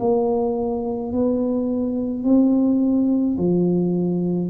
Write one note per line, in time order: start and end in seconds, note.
0.00 1.13 A#3
1.13 2.24 B3
2.24 3.37 C4
3.38 4.50 F3